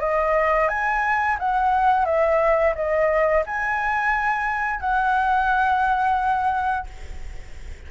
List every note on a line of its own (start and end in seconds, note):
0.00 0.68 D#5
0.68 1.37 G#5
1.39 2.05 F#5
2.05 2.74 E5
2.75 3.44 D#5
3.46 4.80 G#5
4.80 6.87 F#5